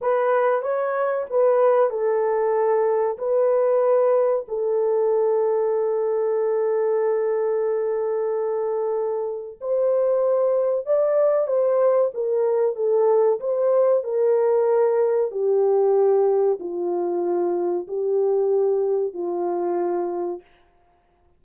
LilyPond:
\new Staff \with { instrumentName = "horn" } { \time 4/4 \tempo 4 = 94 b'4 cis''4 b'4 a'4~ | a'4 b'2 a'4~ | a'1~ | a'2. c''4~ |
c''4 d''4 c''4 ais'4 | a'4 c''4 ais'2 | g'2 f'2 | g'2 f'2 | }